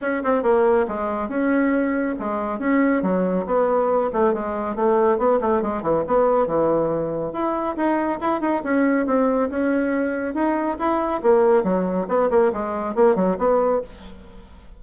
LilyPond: \new Staff \with { instrumentName = "bassoon" } { \time 4/4 \tempo 4 = 139 cis'8 c'8 ais4 gis4 cis'4~ | cis'4 gis4 cis'4 fis4 | b4. a8 gis4 a4 | b8 a8 gis8 e8 b4 e4~ |
e4 e'4 dis'4 e'8 dis'8 | cis'4 c'4 cis'2 | dis'4 e'4 ais4 fis4 | b8 ais8 gis4 ais8 fis8 b4 | }